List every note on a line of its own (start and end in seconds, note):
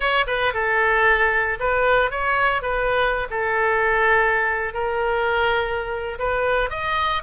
0.00 0.25 C#5
0.27 0.53 B4
0.53 1.59 A4
1.59 2.10 B4
2.10 2.61 C#5
2.61 3.27 B4
3.30 4.73 A4
4.73 6.18 A#4
6.18 6.70 B4
6.70 7.22 D#5